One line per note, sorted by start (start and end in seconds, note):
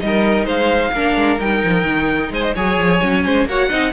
0.00 0.46 G3
0.00 0.92 D#4
0.00 0.46 D#5
0.06 0.45 A#4
0.45 0.92 G#3
0.45 0.91 C5
0.45 1.40 F5
0.92 1.15 A#3
0.92 1.39 D4
0.92 2.32 A#4
1.16 1.39 G#3
1.39 1.62 G3
1.39 2.54 D#4
1.39 2.32 G5
1.64 1.83 F3
1.83 2.29 D#3
2.30 2.54 G#3
2.30 2.55 C5
2.30 2.42 G#5
2.42 2.54 D#5
2.55 2.78 F#3
2.55 3.01 G#4
2.55 3.24 C#5
2.55 3.48 G#5
2.78 3.01 F3
3.01 3.25 F#3
3.01 3.47 C#4
3.25 3.45 G#3
3.25 3.48 C5
3.45 3.68 A#3
3.45 3.70 F#4
3.45 3.69 C#5
3.45 3.93 F#5
3.69 3.93 C4
3.69 3.93 D#4
3.69 3.92 D#5